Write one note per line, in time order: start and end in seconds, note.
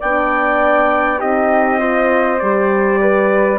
0.00 1.22 B3
0.00 1.21 D4
0.00 1.19 D5
0.00 1.21 G5
1.19 2.42 C4
1.19 1.79 D#4
1.19 1.79 G4
1.19 2.39 D#5
1.79 2.39 F4
1.79 3.00 C5
2.39 3.59 G3
2.39 3.59 G4
2.39 3.59 D5
3.01 3.59 B4